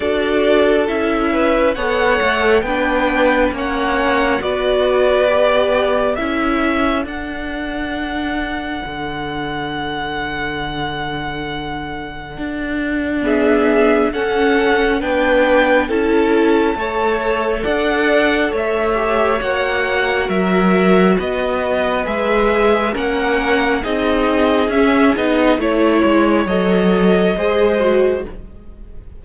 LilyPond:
<<
  \new Staff \with { instrumentName = "violin" } { \time 4/4 \tempo 4 = 68 d''4 e''4 fis''4 g''4 | fis''4 d''2 e''4 | fis''1~ | fis''2. e''4 |
fis''4 g''4 a''2 | fis''4 e''4 fis''4 e''4 | dis''4 e''4 fis''4 dis''4 | e''8 dis''8 cis''4 dis''2 | }
  \new Staff \with { instrumentName = "violin" } { \time 4/4 a'4. b'8 cis''4 b'4 | cis''4 b'2 a'4~ | a'1~ | a'2. gis'4 |
a'4 b'4 a'4 cis''4 | d''4 cis''2 ais'4 | b'2 ais'4 gis'4~ | gis'4 cis''2 c''4 | }
  \new Staff \with { instrumentName = "viola" } { \time 4/4 fis'4 e'4 a'4 d'4 | cis'4 fis'4 g'4 e'4 | d'1~ | d'2. b4 |
cis'4 d'4 e'4 a'4~ | a'4. g'8 fis'2~ | fis'4 gis'4 cis'4 dis'4 | cis'8 dis'8 e'4 a'4 gis'8 fis'8 | }
  \new Staff \with { instrumentName = "cello" } { \time 4/4 d'4 cis'4 b8 a8 b4 | ais4 b2 cis'4 | d'2 d2~ | d2 d'2 |
cis'4 b4 cis'4 a4 | d'4 a4 ais4 fis4 | b4 gis4 ais4 c'4 | cis'8 b8 a8 gis8 fis4 gis4 | }
>>